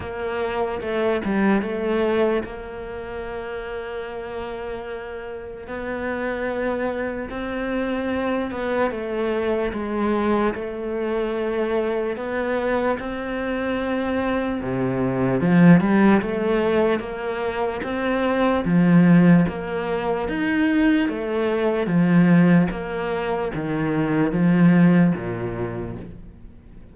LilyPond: \new Staff \with { instrumentName = "cello" } { \time 4/4 \tempo 4 = 74 ais4 a8 g8 a4 ais4~ | ais2. b4~ | b4 c'4. b8 a4 | gis4 a2 b4 |
c'2 c4 f8 g8 | a4 ais4 c'4 f4 | ais4 dis'4 a4 f4 | ais4 dis4 f4 ais,4 | }